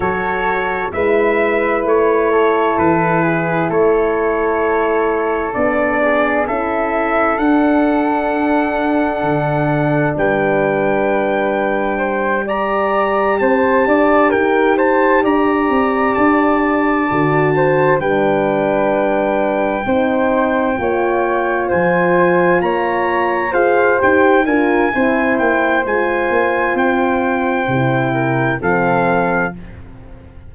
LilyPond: <<
  \new Staff \with { instrumentName = "trumpet" } { \time 4/4 \tempo 4 = 65 cis''4 e''4 cis''4 b'4 | cis''2 d''4 e''4 | fis''2. g''4~ | g''4. ais''4 a''4 g''8 |
a''8 ais''4 a''2 g''8~ | g''2.~ g''8 gis''8~ | gis''8 ais''4 f''8 g''8 gis''4 g''8 | gis''4 g''2 f''4 | }
  \new Staff \with { instrumentName = "flute" } { \time 4/4 a'4 b'4. a'4 gis'8 | a'2~ a'8 gis'8 a'4~ | a'2. b'4~ | b'4 c''8 d''4 c''8 d''8 ais'8 |
c''8 d''2~ d''8 c''8 b'8~ | b'4. c''4 cis''4 c''8~ | c''8 cis''4 c''4 ais'8 c''4~ | c''2~ c''8 ais'8 a'4 | }
  \new Staff \with { instrumentName = "horn" } { \time 4/4 fis'4 e'2.~ | e'2 d'4 e'4 | d'1~ | d'4. g'2~ g'8~ |
g'2~ g'8 fis'4 d'8~ | d'4. dis'4 f'4.~ | f'4. gis'8 g'8 f'8 e'4 | f'2 e'4 c'4 | }
  \new Staff \with { instrumentName = "tuba" } { \time 4/4 fis4 gis4 a4 e4 | a2 b4 cis'4 | d'2 d4 g4~ | g2~ g8 c'8 d'8 dis'8~ |
dis'8 d'8 c'8 d'4 d4 g8~ | g4. c'4 ais4 f8~ | f8 ais4 f'8 dis'8 d'8 c'8 ais8 | gis8 ais8 c'4 c4 f4 | }
>>